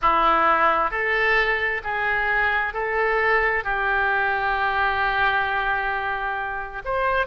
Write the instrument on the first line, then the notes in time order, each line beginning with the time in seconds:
oboe
0.01 E4
0.90 A4
1.83 G#4
2.73 A4
3.64 G4
6.84 C5